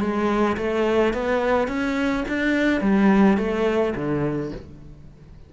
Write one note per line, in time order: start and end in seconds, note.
0.00 0.57 G#3
0.57 1.13 A3
1.13 1.68 B3
1.68 2.24 C#4
2.28 2.81 D4
2.81 3.37 G3
3.37 3.94 A3
3.95 4.52 D3